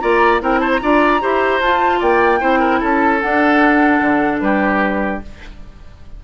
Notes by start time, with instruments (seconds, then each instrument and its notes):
0.00 bassoon A#3, clarinet F4, oboe D5, flute A#5
0.41 bassoon C4, clarinet E4, oboe A#4, flute G5
0.60 oboe C5, flute A5
0.72 flute A#5
0.82 bassoon D4, clarinet F4, oboe D5
1.21 bassoon E4, clarinet G4, oboe C5
1.61 bassoon F4, clarinet F4, flute A5
2.00 bassoon A#3, oboe D5, flute G5
2.40 bassoon C4, clarinet E4, oboe C5
2.60 oboe A#4
2.81 bassoon C#4, oboe A4, flute A5
3.21 clarinet D4, bassoon D4, flute F#5
4.01 bassoon D3
4.40 bassoon G3, oboe G4, flute B4